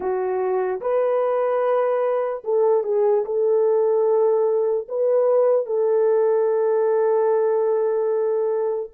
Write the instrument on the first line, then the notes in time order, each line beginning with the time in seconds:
horn
0.00 F#4
0.81 B4
2.43 A4
2.83 G#4
3.25 A4
4.88 B4
5.65 A4